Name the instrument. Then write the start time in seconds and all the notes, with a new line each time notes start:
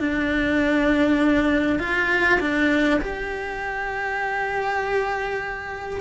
cello
0.00 D4
1.79 F4
2.40 D4
3.01 G4